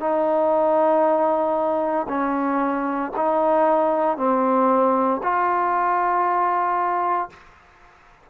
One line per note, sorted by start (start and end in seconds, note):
0.00 2.07 D#4
2.09 3.12 C#4
3.16 4.18 D#4
4.18 5.21 C4
5.23 7.30 F4